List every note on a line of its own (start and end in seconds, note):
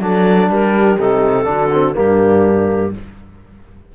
0.00 0.49 F#3
0.00 0.98 D4
0.00 0.49 A4
0.00 0.49 D5
0.49 0.98 G3
0.49 1.47 G4
0.49 0.98 A#4
0.98 1.46 C3
0.98 1.44 D#4
0.98 1.96 A4
1.44 1.94 D3
1.44 1.68 D4
1.44 1.97 F#4
1.72 1.93 C4
1.93 2.95 G2
1.93 2.91 A#3
1.93 2.94 D4
1.93 2.93 G4